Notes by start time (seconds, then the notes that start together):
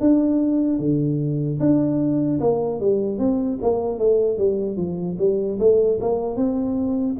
0.00 D4
0.79 D3
1.60 D4
2.40 A#3
2.80 G3
3.19 C4
3.62 A#3
3.98 A3
4.37 G3
4.77 F3
5.19 G3
5.59 A3
6.00 A#3
6.36 C4